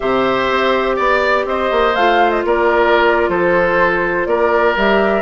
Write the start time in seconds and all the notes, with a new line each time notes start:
0.00 C3 G4 C5 E5
0.50 C4
0.96 B3 D5
1.45 C4 C5 D#5
1.71 A#3
1.95 A3 F4 F5
2.30 D#5
2.45 A#3 A#4 D5
3.28 F3 A4 C5
4.26 A#3 A#4 D5
4.76 G3 G4 E5